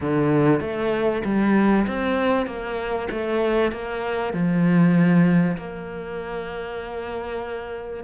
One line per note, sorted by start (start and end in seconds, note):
0.00 0.60 D3
0.60 1.22 A3
1.24 1.86 G3
1.87 2.46 C4
2.46 3.08 A#3
3.11 3.72 A3
3.72 4.33 A#3
4.33 5.56 F3
5.57 8.03 A#3